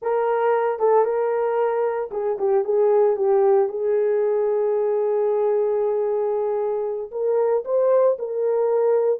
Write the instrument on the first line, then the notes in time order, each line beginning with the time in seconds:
horn
0.02 A#4
0.79 A4
1.05 A#4
2.11 G#4
2.38 G4
2.64 G#4
3.16 G4
3.68 G#4
7.11 A#4
7.65 C5
8.18 A#4